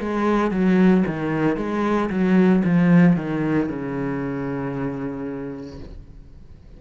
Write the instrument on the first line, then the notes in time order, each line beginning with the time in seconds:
cello
0.00 G#3
0.51 F#3
1.07 D#3
1.57 G#3
2.10 F#3
2.65 F3
3.16 D#3
3.69 C#3